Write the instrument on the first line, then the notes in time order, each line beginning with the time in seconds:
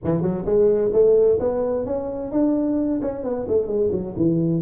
tuba
0.04 E3
0.21 F#3
0.45 G#3
0.92 A3
1.39 B3
1.85 C#4
2.31 D4
3.01 C#4
3.23 B3
3.48 A3
3.66 G#3
3.91 F#3
4.16 E3